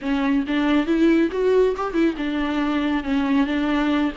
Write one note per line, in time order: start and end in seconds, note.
0.01 0.45 C#4
0.47 0.86 D4
0.86 1.29 E4
1.31 1.75 F#4
1.76 1.93 G4
1.93 2.15 E4
2.17 3.03 D4
3.03 3.46 C#4
3.46 4.11 D4